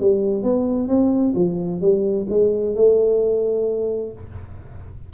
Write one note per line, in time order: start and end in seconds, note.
0.00 0.43 G3
0.43 0.88 B3
0.88 1.33 C4
1.35 1.80 F3
1.80 2.26 G3
2.29 2.75 G#3
2.75 4.12 A3